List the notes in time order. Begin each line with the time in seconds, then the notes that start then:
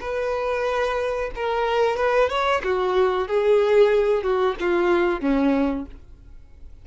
0.00 B4
1.35 A#4
1.97 B4
2.29 C#5
2.64 F#4
3.28 G#4
4.23 F#4
4.60 F4
5.21 C#4